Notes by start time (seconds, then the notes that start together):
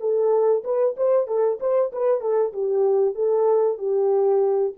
0.00 A4
0.64 B4
0.97 C5
1.27 A4
1.60 C5
1.92 B4
2.21 A4
2.53 G4
3.15 A4
3.78 G4